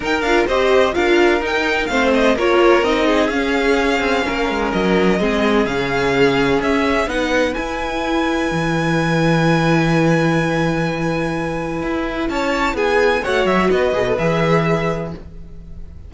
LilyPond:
<<
  \new Staff \with { instrumentName = "violin" } { \time 4/4 \tempo 4 = 127 g''8 f''8 dis''4 f''4 g''4 | f''8 dis''8 cis''4 dis''4 f''4~ | f''2 dis''2 | f''2 e''4 fis''4 |
gis''1~ | gis''1~ | gis''2 a''4 gis''4 | fis''8 e''8 dis''4 e''2 | }
  \new Staff \with { instrumentName = "violin" } { \time 4/4 ais'4 c''4 ais'2 | c''4 ais'4. gis'4.~ | gis'4 ais'2 gis'4~ | gis'2. b'4~ |
b'1~ | b'1~ | b'2 cis''4 gis'4 | cis''4 b'2. | }
  \new Staff \with { instrumentName = "viola" } { \time 4/4 dis'8 f'8 g'4 f'4 dis'4 | c'4 f'4 dis'4 cis'4~ | cis'2. c'4 | cis'2. dis'4 |
e'1~ | e'1~ | e'1 | fis'4. gis'16 a'16 gis'2 | }
  \new Staff \with { instrumentName = "cello" } { \time 4/4 dis'8 d'8 c'4 d'4 dis'4 | a4 ais4 c'4 cis'4~ | cis'8 c'8 ais8 gis8 fis4 gis4 | cis2 cis'4 b4 |
e'2 e2~ | e1~ | e4 e'4 cis'4 b4 | a8 fis8 b8 b,8 e2 | }
>>